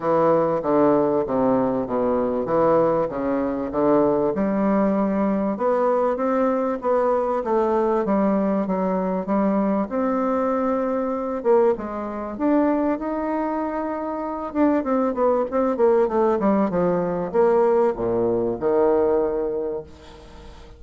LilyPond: \new Staff \with { instrumentName = "bassoon" } { \time 4/4 \tempo 4 = 97 e4 d4 c4 b,4 | e4 cis4 d4 g4~ | g4 b4 c'4 b4 | a4 g4 fis4 g4 |
c'2~ c'8 ais8 gis4 | d'4 dis'2~ dis'8 d'8 | c'8 b8 c'8 ais8 a8 g8 f4 | ais4 ais,4 dis2 | }